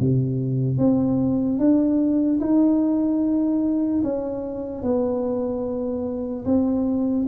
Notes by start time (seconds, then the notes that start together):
0.00 C3
0.79 C4
1.59 D4
2.41 D#4
4.04 C#4
4.83 B3
6.46 C4